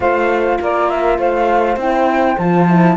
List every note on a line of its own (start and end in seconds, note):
0.00 0.58 A3
0.00 1.77 F4
0.00 0.60 C5
0.00 0.59 F5
0.60 1.18 A#3
0.60 1.18 A#4
0.60 0.89 D5
0.89 1.18 E5
1.18 1.76 A3
1.18 2.97 C5
1.18 1.78 F5
1.76 2.36 C4
1.76 2.38 E4
1.76 2.38 G5
2.38 2.97 F3
2.38 2.69 F4
2.38 2.97 A5
2.69 2.97 E4